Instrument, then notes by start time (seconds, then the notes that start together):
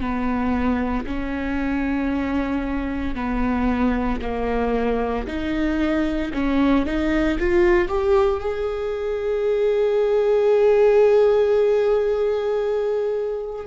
viola
0.00 B3
1.06 C#4
3.15 B3
4.21 A#3
5.27 D#4
6.33 C#4
6.86 D#4
7.39 F4
7.88 G4
8.40 G#4